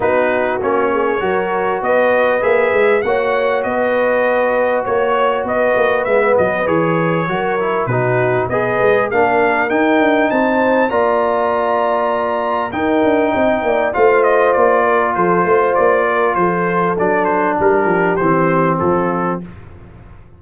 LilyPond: <<
  \new Staff \with { instrumentName = "trumpet" } { \time 4/4 \tempo 4 = 99 b'4 cis''2 dis''4 | e''4 fis''4 dis''2 | cis''4 dis''4 e''8 dis''8 cis''4~ | cis''4 b'4 dis''4 f''4 |
g''4 a''4 ais''2~ | ais''4 g''2 f''8 dis''8 | d''4 c''4 d''4 c''4 | d''8 c''8 ais'4 c''4 a'4 | }
  \new Staff \with { instrumentName = "horn" } { \time 4/4 fis'4. gis'8 ais'4 b'4~ | b'4 cis''4 b'2 | cis''4 b'2. | ais'4 fis'4 b'4 ais'4~ |
ais'4 c''4 d''2~ | d''4 ais'4 dis''8 d''8 c''4~ | c''8 ais'8 a'8 c''4 ais'8 a'4~ | a'4 g'2 f'4 | }
  \new Staff \with { instrumentName = "trombone" } { \time 4/4 dis'4 cis'4 fis'2 | gis'4 fis'2.~ | fis'2 b4 gis'4 | fis'8 e'8 dis'4 gis'4 d'4 |
dis'2 f'2~ | f'4 dis'2 f'4~ | f'1 | d'2 c'2 | }
  \new Staff \with { instrumentName = "tuba" } { \time 4/4 b4 ais4 fis4 b4 | ais8 gis8 ais4 b2 | ais4 b8 ais8 gis8 fis8 e4 | fis4 b,4 b8 gis8 ais4 |
dis'8 d'8 c'4 ais2~ | ais4 dis'8 d'8 c'8 ais8 a4 | ais4 f8 a8 ais4 f4 | fis4 g8 f8 e4 f4 | }
>>